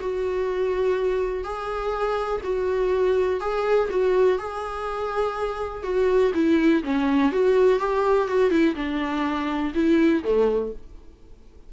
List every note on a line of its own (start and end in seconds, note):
0.00 1.43 F#4
1.43 2.41 G#4
2.43 3.40 F#4
3.40 3.89 G#4
3.90 4.38 F#4
4.38 5.83 G#4
5.83 6.32 F#4
6.34 6.83 E4
6.83 7.31 C#4
7.31 7.79 F#4
7.79 8.27 G4
8.27 8.50 F#4
8.50 8.74 E4
8.75 9.72 D4
9.74 10.23 E4
10.23 10.72 A3